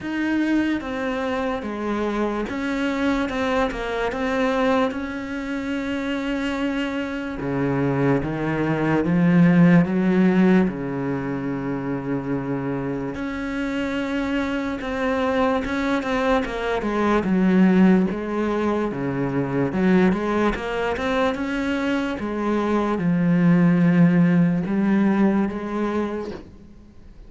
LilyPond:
\new Staff \with { instrumentName = "cello" } { \time 4/4 \tempo 4 = 73 dis'4 c'4 gis4 cis'4 | c'8 ais8 c'4 cis'2~ | cis'4 cis4 dis4 f4 | fis4 cis2. |
cis'2 c'4 cis'8 c'8 | ais8 gis8 fis4 gis4 cis4 | fis8 gis8 ais8 c'8 cis'4 gis4 | f2 g4 gis4 | }